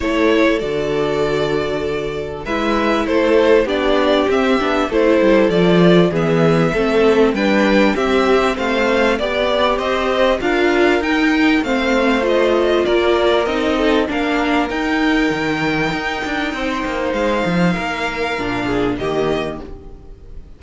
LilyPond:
<<
  \new Staff \with { instrumentName = "violin" } { \time 4/4 \tempo 4 = 98 cis''4 d''2. | e''4 c''4 d''4 e''4 | c''4 d''4 e''2 | g''4 e''4 f''4 d''4 |
dis''4 f''4 g''4 f''4 | dis''4 d''4 dis''4 f''4 | g''1 | f''2. dis''4 | }
  \new Staff \with { instrumentName = "violin" } { \time 4/4 a'1 | b'4 a'4 g'2 | a'2 gis'4 a'4 | b'4 g'4 c''4 d''4 |
c''4 ais'2 c''4~ | c''4 ais'4. a'8 ais'4~ | ais'2. c''4~ | c''4 ais'4. gis'8 g'4 | }
  \new Staff \with { instrumentName = "viola" } { \time 4/4 e'4 fis'2. | e'2 d'4 c'8 d'8 | e'4 f'4 b4 c'4 | d'4 c'2 g'4~ |
g'4 f'4 dis'4 c'4 | f'2 dis'4 d'4 | dis'1~ | dis'2 d'4 ais4 | }
  \new Staff \with { instrumentName = "cello" } { \time 4/4 a4 d2. | gis4 a4 b4 c'8 b8 | a8 g8 f4 e4 a4 | g4 c'4 a4 b4 |
c'4 d'4 dis'4 a4~ | a4 ais4 c'4 ais4 | dis'4 dis4 dis'8 d'8 c'8 ais8 | gis8 f8 ais4 ais,4 dis4 | }
>>